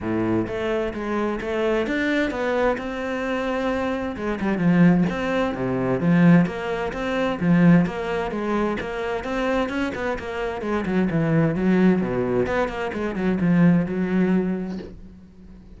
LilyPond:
\new Staff \with { instrumentName = "cello" } { \time 4/4 \tempo 4 = 130 a,4 a4 gis4 a4 | d'4 b4 c'2~ | c'4 gis8 g8 f4 c'4 | c4 f4 ais4 c'4 |
f4 ais4 gis4 ais4 | c'4 cis'8 b8 ais4 gis8 fis8 | e4 fis4 b,4 b8 ais8 | gis8 fis8 f4 fis2 | }